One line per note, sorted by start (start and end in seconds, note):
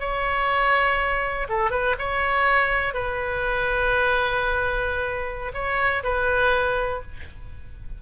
0.00 1.48 C#5
1.49 1.71 A4
1.71 1.95 B4
1.99 2.94 C#5
2.94 5.52 B4
5.54 6.03 C#5
6.04 7.02 B4